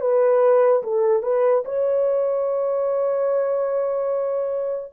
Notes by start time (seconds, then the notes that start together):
0.00 B4
0.83 A4
1.23 B4
1.65 C#5